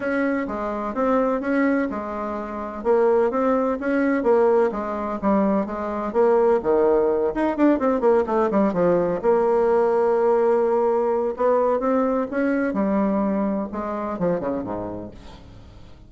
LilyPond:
\new Staff \with { instrumentName = "bassoon" } { \time 4/4 \tempo 4 = 127 cis'4 gis4 c'4 cis'4 | gis2 ais4 c'4 | cis'4 ais4 gis4 g4 | gis4 ais4 dis4. dis'8 |
d'8 c'8 ais8 a8 g8 f4 ais8~ | ais1 | b4 c'4 cis'4 g4~ | g4 gis4 f8 cis8 gis,4 | }